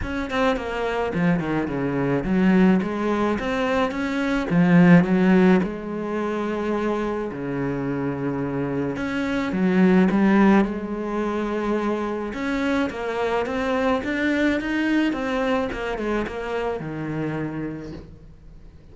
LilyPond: \new Staff \with { instrumentName = "cello" } { \time 4/4 \tempo 4 = 107 cis'8 c'8 ais4 f8 dis8 cis4 | fis4 gis4 c'4 cis'4 | f4 fis4 gis2~ | gis4 cis2. |
cis'4 fis4 g4 gis4~ | gis2 cis'4 ais4 | c'4 d'4 dis'4 c'4 | ais8 gis8 ais4 dis2 | }